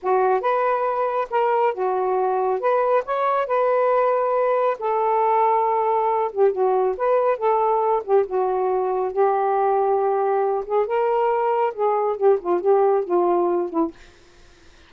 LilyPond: \new Staff \with { instrumentName = "saxophone" } { \time 4/4 \tempo 4 = 138 fis'4 b'2 ais'4 | fis'2 b'4 cis''4 | b'2. a'4~ | a'2~ a'8 g'8 fis'4 |
b'4 a'4. g'8 fis'4~ | fis'4 g'2.~ | g'8 gis'8 ais'2 gis'4 | g'8 f'8 g'4 f'4. e'8 | }